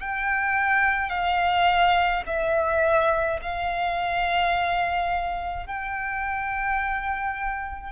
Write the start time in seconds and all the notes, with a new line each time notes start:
0.00 G5
1.10 F5
2.26 E5
3.42 F5
5.67 G5